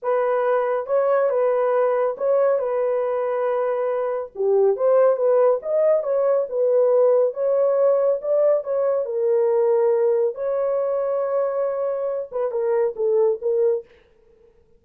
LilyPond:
\new Staff \with { instrumentName = "horn" } { \time 4/4 \tempo 4 = 139 b'2 cis''4 b'4~ | b'4 cis''4 b'2~ | b'2 g'4 c''4 | b'4 dis''4 cis''4 b'4~ |
b'4 cis''2 d''4 | cis''4 ais'2. | cis''1~ | cis''8 b'8 ais'4 a'4 ais'4 | }